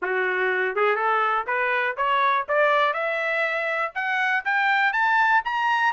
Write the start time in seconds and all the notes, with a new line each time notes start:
0.02 F#4
0.75 G#4
0.95 A4
1.46 B4
1.96 C#5
2.48 D5
2.93 E5
3.95 F#5
4.44 G5
4.92 A5
5.44 A#5